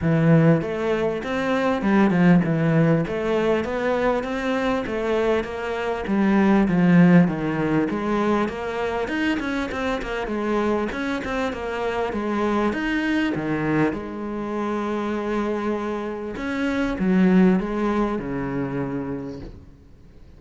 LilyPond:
\new Staff \with { instrumentName = "cello" } { \time 4/4 \tempo 4 = 99 e4 a4 c'4 g8 f8 | e4 a4 b4 c'4 | a4 ais4 g4 f4 | dis4 gis4 ais4 dis'8 cis'8 |
c'8 ais8 gis4 cis'8 c'8 ais4 | gis4 dis'4 dis4 gis4~ | gis2. cis'4 | fis4 gis4 cis2 | }